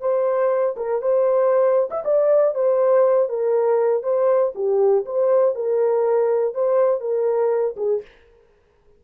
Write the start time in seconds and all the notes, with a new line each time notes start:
0.00 C5
0.76 A#4
1.02 C5
1.90 E5
2.04 D5
2.54 C5
3.28 A#4
4.02 C5
4.55 G4
5.05 C5
5.55 A#4
6.54 C5
7.00 A#4
7.76 G#4